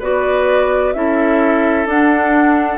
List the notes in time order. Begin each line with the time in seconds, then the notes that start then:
0.00 B3 F#4 B4 D5
0.93 C#4 E4 A4 E5
1.86 D4 F#5